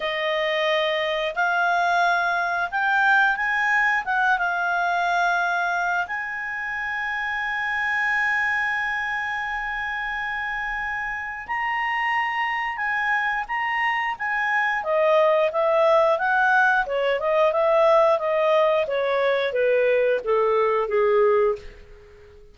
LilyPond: \new Staff \with { instrumentName = "clarinet" } { \time 4/4 \tempo 4 = 89 dis''2 f''2 | g''4 gis''4 fis''8 f''4.~ | f''4 gis''2.~ | gis''1~ |
gis''4 ais''2 gis''4 | ais''4 gis''4 dis''4 e''4 | fis''4 cis''8 dis''8 e''4 dis''4 | cis''4 b'4 a'4 gis'4 | }